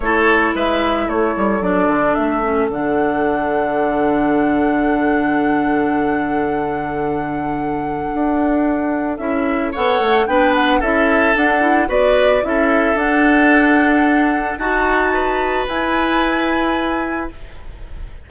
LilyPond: <<
  \new Staff \with { instrumentName = "flute" } { \time 4/4 \tempo 4 = 111 cis''4 e''4 cis''4 d''4 | e''4 fis''2.~ | fis''1~ | fis''1~ |
fis''4 e''4 fis''4 g''8 fis''8 | e''4 fis''4 d''4 e''4 | fis''2. a''4~ | a''4 gis''2. | }
  \new Staff \with { instrumentName = "oboe" } { \time 4/4 a'4 b'4 a'2~ | a'1~ | a'1~ | a'1~ |
a'2 cis''4 b'4 | a'2 b'4 a'4~ | a'2. fis'4 | b'1 | }
  \new Staff \with { instrumentName = "clarinet" } { \time 4/4 e'2. d'4~ | d'8 cis'8 d'2.~ | d'1~ | d'1~ |
d'4 e'4 a'4 d'4 | e'4 d'8 e'8 fis'4 e'4 | d'2. fis'4~ | fis'4 e'2. | }
  \new Staff \with { instrumentName = "bassoon" } { \time 4/4 a4 gis4 a8 g8 fis8 d8 | a4 d2.~ | d1~ | d2. d'4~ |
d'4 cis'4 b8 a8 b4 | cis'4 d'4 b4 cis'4 | d'2. dis'4~ | dis'4 e'2. | }
>>